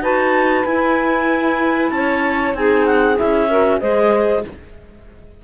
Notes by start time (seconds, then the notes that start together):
0.00 D#4 F#4 B4 A5
0.65 E4 G#5
1.90 C#4 C#5 A5
2.53 C4 D#4 G#4 G#5
2.85 F#5
3.15 E4 E5
3.22 C#4
3.48 F#4 A#4
3.79 G#3 G#4 C5 D#5